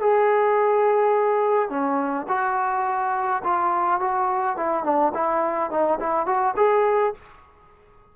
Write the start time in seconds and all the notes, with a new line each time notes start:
0.00 G#4
1.69 C#4
2.28 F#4
3.44 F4
4.00 F#4
4.56 E4
4.84 D4
5.14 E4
5.70 D#4
6.00 E4
6.26 F#4
6.56 G#4